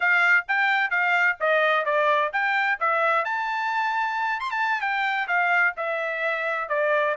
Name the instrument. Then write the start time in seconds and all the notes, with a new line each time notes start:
trumpet
0.00 F5
0.48 G5
0.90 F5
1.40 D#5
1.85 D5
2.32 G5
2.80 E5
3.24 A5
4.40 C6
4.50 A5
4.81 G5
5.27 F5
5.77 E5
6.68 D5